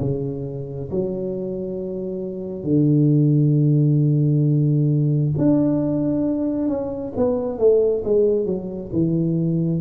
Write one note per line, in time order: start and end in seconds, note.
0.00 0.90 C#3
0.90 2.63 F#3
2.63 5.32 D3
5.37 6.68 D4
6.68 7.12 C#4
7.16 7.58 B3
7.58 8.03 A3
8.04 8.45 G#3
8.45 8.90 F#3
8.92 9.81 E3